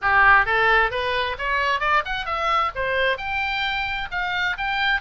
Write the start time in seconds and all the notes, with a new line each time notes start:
0.01 G4
0.45 A4
0.90 B4
1.38 C#5
1.80 D5
2.05 F#5
2.25 E5
2.75 C5
3.17 G5
4.11 F5
4.57 G5